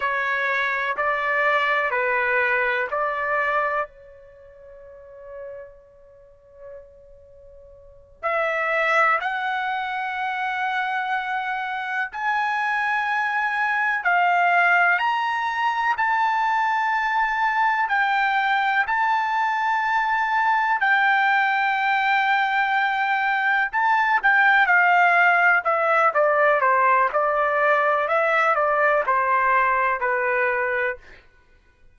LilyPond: \new Staff \with { instrumentName = "trumpet" } { \time 4/4 \tempo 4 = 62 cis''4 d''4 b'4 d''4 | cis''1~ | cis''8 e''4 fis''2~ fis''8~ | fis''8 gis''2 f''4 ais''8~ |
ais''8 a''2 g''4 a''8~ | a''4. g''2~ g''8~ | g''8 a''8 g''8 f''4 e''8 d''8 c''8 | d''4 e''8 d''8 c''4 b'4 | }